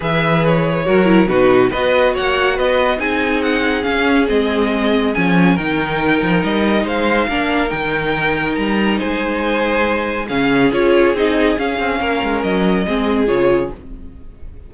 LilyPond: <<
  \new Staff \with { instrumentName = "violin" } { \time 4/4 \tempo 4 = 140 e''4 cis''2 b'4 | dis''4 fis''4 dis''4 gis''4 | fis''4 f''4 dis''2 | gis''4 g''2 dis''4 |
f''2 g''2 | ais''4 gis''2. | f''4 cis''4 dis''4 f''4~ | f''4 dis''2 cis''4 | }
  \new Staff \with { instrumentName = "violin" } { \time 4/4 b'2 ais'4 fis'4 | b'4 cis''4 b'4 gis'4~ | gis'1~ | gis'4 ais'2. |
c''4 ais'2.~ | ais'4 c''2. | gis'1 | ais'2 gis'2 | }
  \new Staff \with { instrumentName = "viola" } { \time 4/4 gis'2 fis'8 e'8 dis'4 | fis'2. dis'4~ | dis'4 cis'4 c'2 | cis'4 dis'2.~ |
dis'4 d'4 dis'2~ | dis'1 | cis'4 f'4 dis'4 cis'4~ | cis'2 c'4 f'4 | }
  \new Staff \with { instrumentName = "cello" } { \time 4/4 e2 fis4 b,4 | b4 ais4 b4 c'4~ | c'4 cis'4 gis2 | f4 dis4. f8 g4 |
gis4 ais4 dis2 | g4 gis2. | cis4 cis'4 c'4 cis'8 c'8 | ais8 gis8 fis4 gis4 cis4 | }
>>